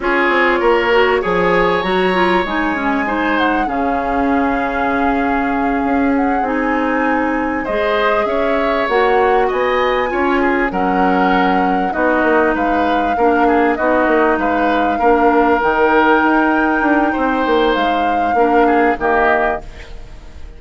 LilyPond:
<<
  \new Staff \with { instrumentName = "flute" } { \time 4/4 \tempo 4 = 98 cis''2 gis''4 ais''4 | gis''4. fis''8 f''2~ | f''2 fis''8 gis''4.~ | gis''8 dis''4 e''4 fis''4 gis''8~ |
gis''4. fis''2 dis''8~ | dis''8 f''2 dis''4 f''8~ | f''4. g''2~ g''8~ | g''4 f''2 dis''4 | }
  \new Staff \with { instrumentName = "oboe" } { \time 4/4 gis'4 ais'4 cis''2~ | cis''4 c''4 gis'2~ | gis'1~ | gis'8 c''4 cis''2 dis''8~ |
dis''8 cis''8 gis'8 ais'2 fis'8~ | fis'8 b'4 ais'8 gis'8 fis'4 b'8~ | b'8 ais'2.~ ais'8 | c''2 ais'8 gis'8 g'4 | }
  \new Staff \with { instrumentName = "clarinet" } { \time 4/4 f'4. fis'8 gis'4 fis'8 f'8 | dis'8 cis'8 dis'4 cis'2~ | cis'2~ cis'8 dis'4.~ | dis'8 gis'2 fis'4.~ |
fis'8 f'4 cis'2 dis'8~ | dis'4. d'4 dis'4.~ | dis'8 d'4 dis'2~ dis'8~ | dis'2 d'4 ais4 | }
  \new Staff \with { instrumentName = "bassoon" } { \time 4/4 cis'8 c'8 ais4 f4 fis4 | gis2 cis2~ | cis4. cis'4 c'4.~ | c'8 gis4 cis'4 ais4 b8~ |
b8 cis'4 fis2 b8 | ais8 gis4 ais4 b8 ais8 gis8~ | gis8 ais4 dis4 dis'4 d'8 | c'8 ais8 gis4 ais4 dis4 | }
>>